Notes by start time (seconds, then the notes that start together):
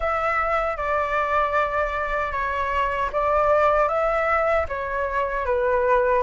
0.00 E5
0.77 D5
2.32 C#5
3.12 D5
3.88 E5
4.68 C#5
5.45 B4